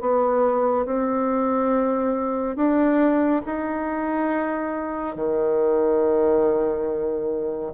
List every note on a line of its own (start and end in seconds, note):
0.00 0.85 B3
0.85 2.56 C4
2.56 3.41 D4
3.45 5.15 D#4
5.15 7.72 D#3